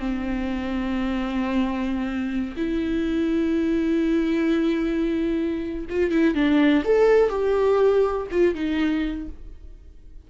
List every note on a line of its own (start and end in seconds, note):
0.00 2.56 C4
2.57 5.86 E4
5.90 6.12 F4
6.12 6.35 E4
6.35 6.84 D4
6.85 7.30 A4
7.30 8.28 G4
8.31 8.55 F4
8.55 9.28 D#4